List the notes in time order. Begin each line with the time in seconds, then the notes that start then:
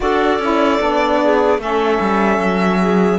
0.00 D4 F#4 A4 D5
0.38 C#4 E4
0.80 B3 D4
1.22 G#4
1.58 A3 C#4 A4 E5
2.00 G3
2.38 F#3
2.80 G#4